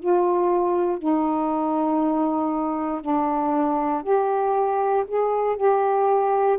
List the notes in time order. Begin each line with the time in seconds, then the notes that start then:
0.00 F4
0.99 D#4
3.02 D4
4.04 G4
5.08 G#4
5.57 G4